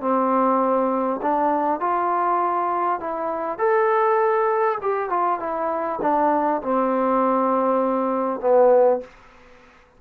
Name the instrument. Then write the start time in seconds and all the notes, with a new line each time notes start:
trombone
0.00 C4
1.22 D4
1.79 F4
3.00 E4
3.58 A4
4.81 G4
5.09 F4
5.39 E4
6.01 D4
6.62 C4
8.40 B3